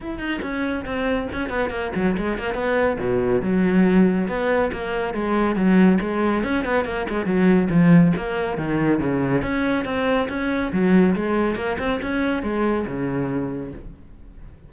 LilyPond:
\new Staff \with { instrumentName = "cello" } { \time 4/4 \tempo 4 = 140 e'8 dis'8 cis'4 c'4 cis'8 b8 | ais8 fis8 gis8 ais8 b4 b,4 | fis2 b4 ais4 | gis4 fis4 gis4 cis'8 b8 |
ais8 gis8 fis4 f4 ais4 | dis4 cis4 cis'4 c'4 | cis'4 fis4 gis4 ais8 c'8 | cis'4 gis4 cis2 | }